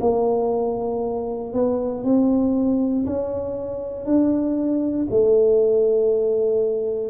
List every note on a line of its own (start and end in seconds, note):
0.00 1.53 A#3
1.53 2.04 B3
2.04 3.06 C4
3.06 4.05 C#4
4.05 5.07 D4
5.10 7.10 A3